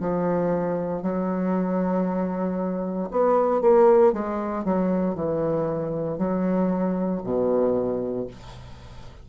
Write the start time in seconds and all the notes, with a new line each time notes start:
0.00 F3
1.03 F#3
3.11 B3
3.61 A#3
4.13 G#3
4.64 F#3
5.15 E3
6.18 F#3
7.24 B2